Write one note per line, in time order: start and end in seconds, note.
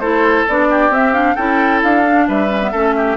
0.00 0.46 A3
0.00 0.47 E4
0.00 0.68 A4
0.00 0.45 C5
0.48 0.90 B3
0.48 0.92 D4
0.48 0.94 D5
0.70 1.35 G4
0.90 1.35 C4
0.90 1.13 C4
0.90 1.14 E5
1.13 1.36 D4
1.13 1.36 F5
1.35 1.83 C#4
1.35 2.05 E4
1.35 2.26 A4
1.35 1.81 G5
1.83 2.28 D4
1.83 2.28 F5
2.05 2.49 D4
2.28 2.73 G3
2.28 2.71 B4
2.28 3.17 E5
2.49 2.60 C#4
2.61 2.73 B3
2.71 3.17 A3
2.71 3.17 C#4
2.71 2.94 A4
2.97 3.17 G4